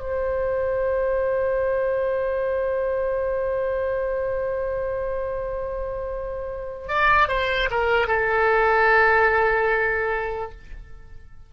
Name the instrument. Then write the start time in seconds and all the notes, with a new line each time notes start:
oboe
0.00 C5
6.88 D5
7.29 C5
7.71 A#4
8.08 A4